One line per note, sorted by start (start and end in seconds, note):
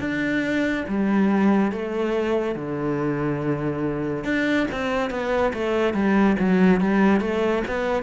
0.00 0.85 D4
0.88 1.72 G3
1.72 2.55 A3
2.55 4.24 D3
4.24 4.67 D4
4.71 5.10 C4
5.10 5.53 B3
5.54 5.94 A3
5.94 6.36 G3
6.39 6.81 F#3
6.81 7.21 G3
7.21 7.63 A3
7.68 8.03 B3